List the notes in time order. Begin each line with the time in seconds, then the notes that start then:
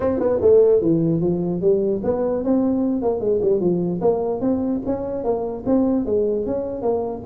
0.00 C4
0.19 B3
0.41 A3
0.81 E3
1.21 F3
1.61 G3
2.03 B3
2.43 C4
3.02 A#3
3.20 G#3
3.42 G3
3.60 F3
4.01 A#3
4.41 C4
4.85 C#4
5.23 A#3
5.65 C4
6.05 G#3
6.46 C#4
6.82 A#3